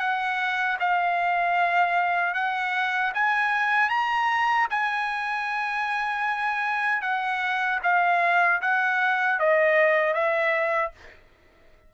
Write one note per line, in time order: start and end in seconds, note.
0.00 0.78 F#5
0.80 2.34 F5
2.34 3.12 F#5
3.15 3.90 G#5
3.90 4.68 A#5
4.71 7.02 G#5
7.02 7.80 F#5
7.83 8.61 F5
8.62 9.40 F#5
9.40 10.14 D#5
10.14 10.92 E5